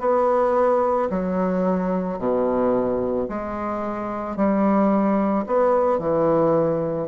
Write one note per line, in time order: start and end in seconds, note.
0.00 1.09 B3
1.10 2.19 F#3
2.19 3.28 B2
3.29 4.37 G#3
4.37 5.46 G3
5.47 5.99 B3
5.99 7.08 E3